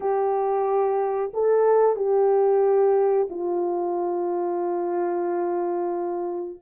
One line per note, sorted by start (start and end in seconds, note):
0.00 1.32 G4
1.33 1.96 A4
1.96 3.28 G4
3.30 6.59 F4